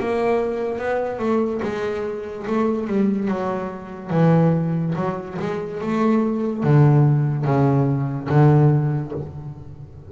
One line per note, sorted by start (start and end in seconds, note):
0.00 0.79 A#3
0.79 1.19 B3
1.19 1.61 A3
1.63 2.47 G#3
2.48 2.87 A3
2.87 3.28 G3
3.28 4.11 F#3
4.11 4.94 E3
4.96 5.37 F#3
5.39 5.81 G#3
5.81 6.64 A3
6.64 7.45 D3
7.45 8.28 C#3
8.29 9.12 D3